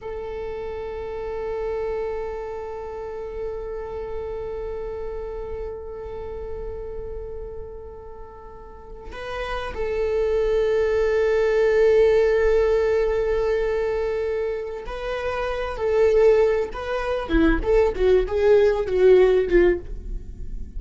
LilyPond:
\new Staff \with { instrumentName = "viola" } { \time 4/4 \tempo 4 = 97 a'1~ | a'1~ | a'1~ | a'2~ a'8. b'4 a'16~ |
a'1~ | a'1 | b'4. a'4. b'4 | e'8 a'8 fis'8 gis'4 fis'4 f'8 | }